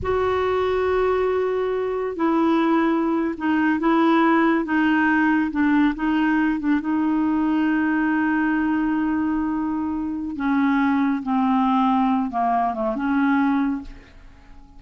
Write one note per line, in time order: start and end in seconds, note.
0.02 2.16 F#4
2.16 3.34 E4
3.37 3.79 D#4
3.79 4.64 E4
4.64 5.51 D#4
5.51 5.94 D4
5.95 6.59 D#4
6.59 6.80 D4
6.80 10.36 D#4
10.36 11.22 C#4
11.22 12.30 C4
12.30 12.74 A#3
12.74 12.95 A3
12.95 13.81 C#4